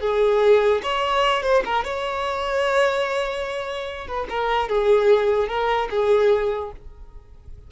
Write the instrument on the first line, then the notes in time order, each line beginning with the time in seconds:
violin
0.00 G#4
0.83 C#5
1.42 C5
1.65 A#4
1.84 C#5
4.07 B4
4.29 A#4
4.68 G#4
5.48 A#4
5.90 G#4